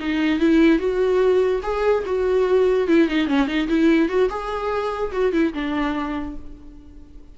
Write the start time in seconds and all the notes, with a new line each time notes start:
0.00 D#4
0.39 E4
0.79 F#4
1.63 G#4
2.06 F#4
2.87 E4
3.08 D#4
3.27 C#4
3.47 D#4
3.68 E4
4.09 F#4
4.29 G#4
5.12 F#4
5.32 E4
5.53 D4